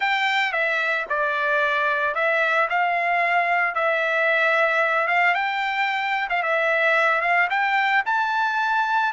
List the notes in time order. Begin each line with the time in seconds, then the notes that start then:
0.00 G5
0.52 E5
1.09 D5
2.14 E5
2.69 F5
3.74 E5
5.07 F5
5.34 G5
6.29 F5
6.42 E5
7.21 F5
7.50 G5
8.05 A5